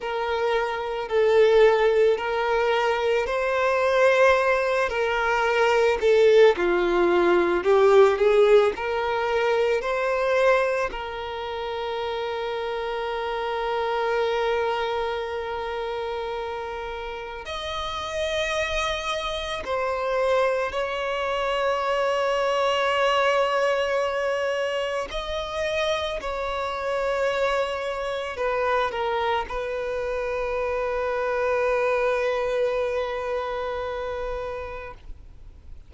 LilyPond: \new Staff \with { instrumentName = "violin" } { \time 4/4 \tempo 4 = 55 ais'4 a'4 ais'4 c''4~ | c''8 ais'4 a'8 f'4 g'8 gis'8 | ais'4 c''4 ais'2~ | ais'1 |
dis''2 c''4 cis''4~ | cis''2. dis''4 | cis''2 b'8 ais'8 b'4~ | b'1 | }